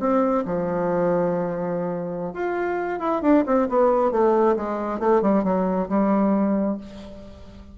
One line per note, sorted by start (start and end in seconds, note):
0.00 0.44 C4
0.45 2.34 F3
2.34 3.00 F4
3.00 3.22 E4
3.22 3.44 D4
3.46 3.68 C4
3.69 4.12 B3
4.12 4.56 A3
4.57 5.00 G#3
5.00 5.22 A3
5.22 5.44 G3
5.44 5.88 F#3
5.89 6.78 G3